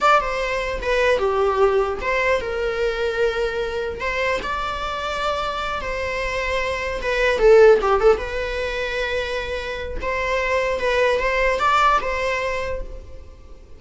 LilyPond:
\new Staff \with { instrumentName = "viola" } { \time 4/4 \tempo 4 = 150 d''8 c''4. b'4 g'4~ | g'4 c''4 ais'2~ | ais'2 c''4 d''4~ | d''2~ d''8 c''4.~ |
c''4. b'4 a'4 g'8 | a'8 b'2.~ b'8~ | b'4 c''2 b'4 | c''4 d''4 c''2 | }